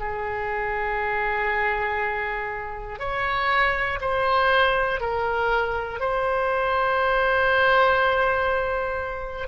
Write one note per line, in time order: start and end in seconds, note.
0.00 2.99 G#4
2.99 3.99 C#5
4.01 5.00 C5
5.00 6.00 A#4
6.00 9.48 C5